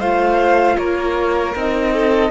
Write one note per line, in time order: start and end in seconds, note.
0.00 0.77 A3
0.00 1.55 F4
0.00 0.77 C5
0.00 0.78 F5
0.78 1.55 A#3
0.78 1.94 A#4
0.78 1.54 C#5
1.55 2.31 C4
1.55 2.31 D#4
1.55 2.31 D#5
1.94 2.31 A4